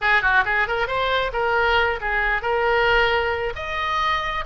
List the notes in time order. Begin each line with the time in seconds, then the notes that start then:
0.01 G#4
0.22 F#4
0.45 G#4
0.67 A#4
0.87 C5
1.32 A#4
2.01 G#4
2.42 A#4
3.55 D#5